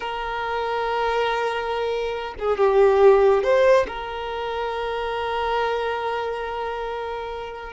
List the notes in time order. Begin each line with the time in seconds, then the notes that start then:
0.00 A#4
2.39 G#4
2.57 G4
3.43 C5
3.87 A#4